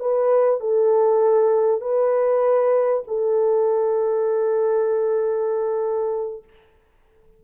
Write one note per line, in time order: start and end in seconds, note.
0.00 0.60 B4
0.60 1.81 A4
1.81 3.04 B4
3.07 6.44 A4